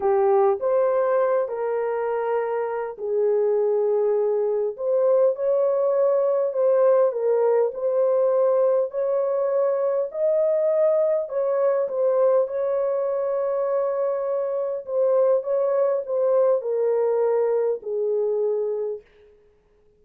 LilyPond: \new Staff \with { instrumentName = "horn" } { \time 4/4 \tempo 4 = 101 g'4 c''4. ais'4.~ | ais'4 gis'2. | c''4 cis''2 c''4 | ais'4 c''2 cis''4~ |
cis''4 dis''2 cis''4 | c''4 cis''2.~ | cis''4 c''4 cis''4 c''4 | ais'2 gis'2 | }